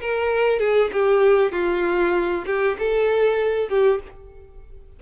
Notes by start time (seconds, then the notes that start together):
0.00 A#4
0.59 G#4
0.92 G4
1.51 F4
2.46 G4
2.78 A4
3.69 G4